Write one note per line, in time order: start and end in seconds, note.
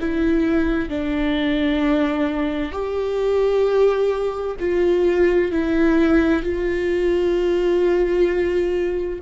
0.00 0.89 E4
0.89 2.72 D4
2.72 4.57 G4
4.59 5.52 F4
5.52 6.43 E4
6.43 9.20 F4